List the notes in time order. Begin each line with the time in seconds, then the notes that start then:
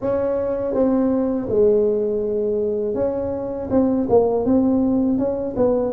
0.01 C#4
0.73 C4
1.48 G#3
2.94 C#4
3.70 C4
4.09 A#3
4.45 C4
5.18 C#4
5.56 B3